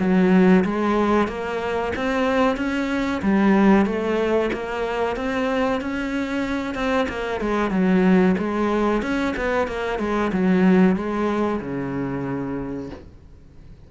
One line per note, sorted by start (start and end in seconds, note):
0.00 0.65 F#3
0.65 1.28 G#3
1.28 1.93 A#3
1.96 2.57 C4
2.57 3.22 C#4
3.23 3.86 G3
3.86 4.50 A3
4.53 5.17 A#3
5.17 5.81 C4
5.82 6.75 C#4
6.75 7.07 C4
7.09 7.41 A#3
7.41 7.71 G#3
7.71 8.35 F#3
8.38 9.03 G#3
9.03 9.35 C#4
9.37 9.68 B3
9.68 10.00 A#3
10.00 10.32 G#3
10.33 10.96 F#3
10.96 11.61 G#3
11.61 12.90 C#3